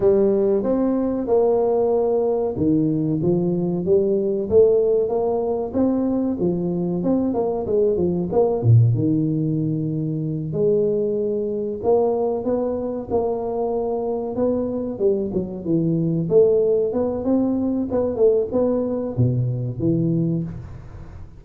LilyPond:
\new Staff \with { instrumentName = "tuba" } { \time 4/4 \tempo 4 = 94 g4 c'4 ais2 | dis4 f4 g4 a4 | ais4 c'4 f4 c'8 ais8 | gis8 f8 ais8 ais,8 dis2~ |
dis8 gis2 ais4 b8~ | b8 ais2 b4 g8 | fis8 e4 a4 b8 c'4 | b8 a8 b4 b,4 e4 | }